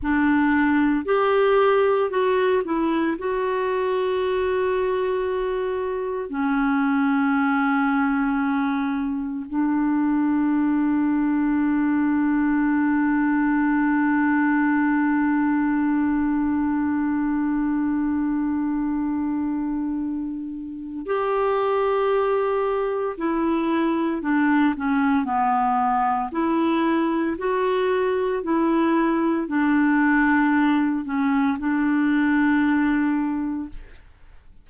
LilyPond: \new Staff \with { instrumentName = "clarinet" } { \time 4/4 \tempo 4 = 57 d'4 g'4 fis'8 e'8 fis'4~ | fis'2 cis'2~ | cis'4 d'2.~ | d'1~ |
d'1 | g'2 e'4 d'8 cis'8 | b4 e'4 fis'4 e'4 | d'4. cis'8 d'2 | }